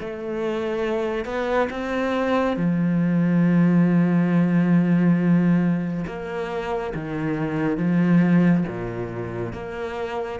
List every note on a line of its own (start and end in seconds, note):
0.00 1.25 A3
1.25 1.69 B3
1.70 2.57 C4
2.57 6.05 F3
6.07 6.94 A#3
6.95 7.77 D#3
7.77 8.64 F3
8.68 9.53 A#2
9.53 10.40 A#3